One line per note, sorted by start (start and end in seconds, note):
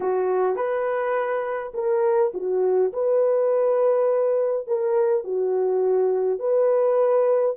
0.00 0.56 F#4
0.56 1.72 B4
1.74 2.32 A#4
2.34 2.92 F#4
2.92 4.67 B4
4.67 5.24 A#4
5.24 6.39 F#4
6.39 7.55 B4